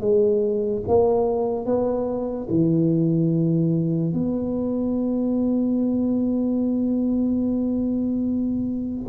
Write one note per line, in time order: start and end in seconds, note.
0.00 0.82 G#3
0.87 1.65 A#3
1.65 2.47 B3
2.50 4.13 E3
4.13 9.06 B3